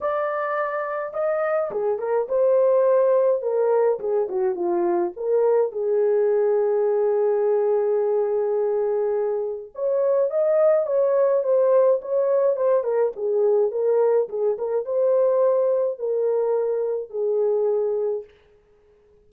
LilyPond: \new Staff \with { instrumentName = "horn" } { \time 4/4 \tempo 4 = 105 d''2 dis''4 gis'8 ais'8 | c''2 ais'4 gis'8 fis'8 | f'4 ais'4 gis'2~ | gis'1~ |
gis'4 cis''4 dis''4 cis''4 | c''4 cis''4 c''8 ais'8 gis'4 | ais'4 gis'8 ais'8 c''2 | ais'2 gis'2 | }